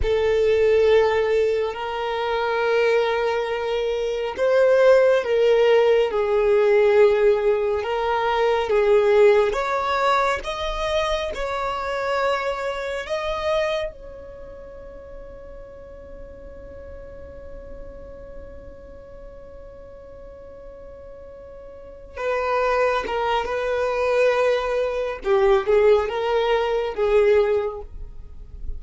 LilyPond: \new Staff \with { instrumentName = "violin" } { \time 4/4 \tempo 4 = 69 a'2 ais'2~ | ais'4 c''4 ais'4 gis'4~ | gis'4 ais'4 gis'4 cis''4 | dis''4 cis''2 dis''4 |
cis''1~ | cis''1~ | cis''4. b'4 ais'8 b'4~ | b'4 g'8 gis'8 ais'4 gis'4 | }